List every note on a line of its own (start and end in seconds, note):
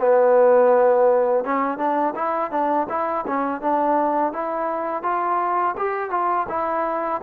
0.00 1.45 B3
1.45 1.78 C#4
1.78 2.14 D4
2.16 2.51 E4
2.51 2.88 D4
2.89 3.26 E4
3.28 3.61 C#4
3.61 4.33 D4
4.33 5.03 E4
5.03 5.75 F4
5.77 6.11 G4
6.11 6.47 F4
6.49 7.21 E4